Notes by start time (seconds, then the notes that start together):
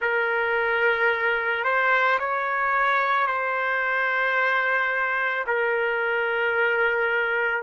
0.01 A#4
1.64 C5
2.19 C#5
3.26 C5
5.46 A#4